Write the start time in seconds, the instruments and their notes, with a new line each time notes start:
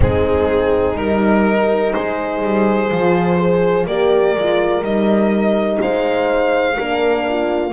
0.00 double bass G#3, horn C4 D#4, violin G#4
0.95 double bass G3, horn D#4, violin A#4
1.91 double bass G#3, horn G#4, violin C5
2.42 double bass G3
2.90 double bass F3, horn F4
3.36 horn G#4 C5
3.86 double bass A#3, horn G4 A#4, violin D5
4.34 double bass G#3, horn F4
4.81 double bass G3, horn D#4, violin D#5
5.80 double bass G#3, horn C5, violin F5
6.76 double bass A#3, horn D4 A#4
7.28 horn F4